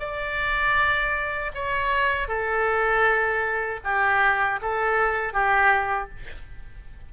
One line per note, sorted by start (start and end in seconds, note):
0.00 1.52 D5
1.55 2.28 C#5
2.28 3.80 A4
3.84 4.60 G4
4.62 5.33 A4
5.33 6.09 G4